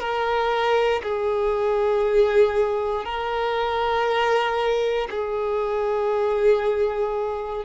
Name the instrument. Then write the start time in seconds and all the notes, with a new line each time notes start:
violin
0.00 A#4
1.03 G#4
3.05 A#4
5.11 G#4